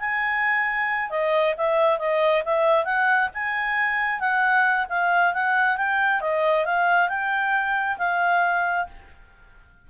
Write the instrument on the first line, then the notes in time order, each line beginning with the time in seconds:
clarinet
0.00 G#5
1.10 D#5
1.57 E5
1.98 D#5
2.45 E5
2.85 F#5
3.34 G#5
4.20 F#5
4.89 F5
5.34 F#5
5.77 G5
6.21 D#5
6.65 F5
7.08 G5
7.98 F5